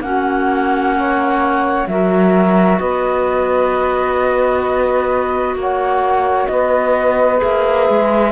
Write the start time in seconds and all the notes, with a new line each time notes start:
0.00 A#3 C#4 F#4 F#5
0.97 C#5
1.87 F#3 F#4 A#4 E5
2.79 B3 B4 D#5
5.55 A#3 C#5 F#5
6.47 B3 B4 D#5
7.37 G#4 E5
7.43 A#3
7.90 G#3